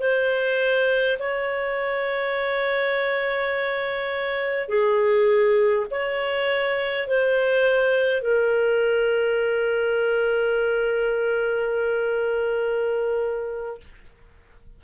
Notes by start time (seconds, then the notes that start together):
0.00 C5
1.19 C#5
4.69 G#4
5.91 C#5
7.08 C5
8.21 A#4